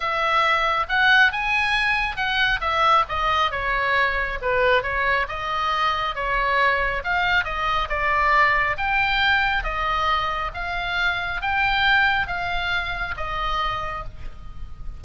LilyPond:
\new Staff \with { instrumentName = "oboe" } { \time 4/4 \tempo 4 = 137 e''2 fis''4 gis''4~ | gis''4 fis''4 e''4 dis''4 | cis''2 b'4 cis''4 | dis''2 cis''2 |
f''4 dis''4 d''2 | g''2 dis''2 | f''2 g''2 | f''2 dis''2 | }